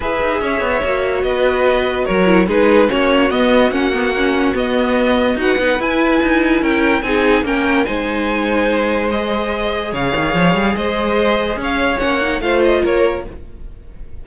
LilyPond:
<<
  \new Staff \with { instrumentName = "violin" } { \time 4/4 \tempo 4 = 145 e''2. dis''4~ | dis''4 cis''4 b'4 cis''4 | dis''4 fis''2 dis''4~ | dis''4 fis''4 gis''2 |
g''4 gis''4 g''4 gis''4~ | gis''2 dis''2 | f''2 dis''2 | f''4 fis''4 f''8 dis''8 cis''4 | }
  \new Staff \with { instrumentName = "violin" } { \time 4/4 b'4 cis''2 b'4~ | b'4 ais'4 gis'4 fis'4~ | fis'1~ | fis'4 b'2. |
ais'4 gis'4 ais'4 c''4~ | c''1 | cis''2 c''2 | cis''2 c''4 ais'4 | }
  \new Staff \with { instrumentName = "viola" } { \time 4/4 gis'2 fis'2~ | fis'4. e'8 dis'4 cis'4 | b4 cis'8 b8 cis'4 b4~ | b4 fis'8 dis'8 e'2~ |
e'4 dis'4 cis'4 dis'4~ | dis'2 gis'2~ | gis'1~ | gis'4 cis'8 dis'8 f'2 | }
  \new Staff \with { instrumentName = "cello" } { \time 4/4 e'8 dis'8 cis'8 b8 ais4 b4~ | b4 fis4 gis4 ais4 | b4 ais2 b4~ | b4 dis'8 b8 e'4 dis'4 |
cis'4 c'4 ais4 gis4~ | gis1 | cis8 dis8 f8 g8 gis2 | cis'4 ais4 a4 ais4 | }
>>